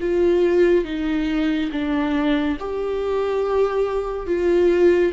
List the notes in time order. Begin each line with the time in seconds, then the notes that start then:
0.00 F4
0.84 D#4
1.71 D4
2.59 G4
4.26 F4